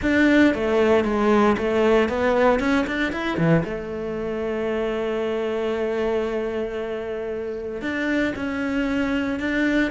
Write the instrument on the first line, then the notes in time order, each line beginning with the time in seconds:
cello
0.02 D4
0.54 A3
1.04 G#3
1.57 A3
2.09 B3
2.59 C#4
2.86 D4
3.12 E4
3.37 E3
3.65 A3
7.81 D4
8.35 C#4
9.39 D4